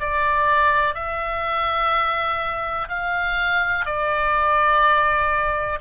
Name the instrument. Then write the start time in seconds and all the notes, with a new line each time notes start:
oboe
0.00 D5
0.95 E5
2.89 F5
3.86 D5